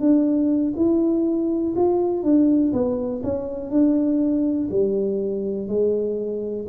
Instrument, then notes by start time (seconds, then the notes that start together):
tuba
0.00 D4
0.76 E4
1.76 F4
2.23 D4
2.73 B3
3.24 C#4
3.71 D4
4.71 G3
5.68 G#3